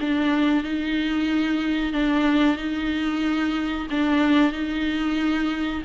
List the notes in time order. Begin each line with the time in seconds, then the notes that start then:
0.00 D4
0.63 D#4
1.92 D4
2.56 D#4
3.90 D4
4.51 D#4